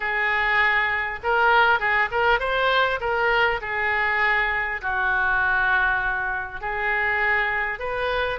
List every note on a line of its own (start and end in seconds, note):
0.00 1.19 G#4
1.23 1.79 A#4
1.79 2.09 G#4
2.11 2.39 A#4
2.39 2.99 C5
3.00 3.60 A#4
3.61 4.81 G#4
4.81 6.60 F#4
6.60 7.79 G#4
7.79 8.39 B4